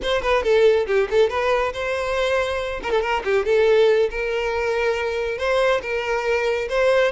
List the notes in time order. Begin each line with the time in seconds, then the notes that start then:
0.02 C5
0.22 B4
0.43 A4
0.86 G4
1.10 A4
1.29 B4
1.73 C5
2.82 A#4
2.90 A4
3.01 A#4
3.24 G4
3.45 A4
4.10 A#4
5.38 C5
5.82 A#4
6.69 C5